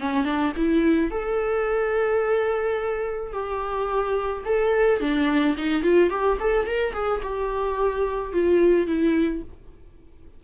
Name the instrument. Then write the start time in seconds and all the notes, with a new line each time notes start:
viola
0.00 C#4
0.24 D4
0.56 E4
1.11 A4
3.33 G4
4.45 A4
5.00 D4
5.57 D#4
5.83 F4
6.10 G4
6.40 A4
6.67 A#4
6.93 G#4
7.22 G4
8.33 F4
8.87 E4